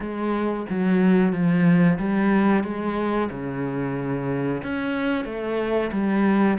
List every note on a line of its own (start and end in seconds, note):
0.00 0.66 G#3
0.69 1.32 F#3
1.32 1.98 F3
1.98 2.63 G3
2.63 3.29 G#3
3.30 4.62 C#3
4.63 5.24 C#4
5.24 5.90 A3
5.92 6.58 G3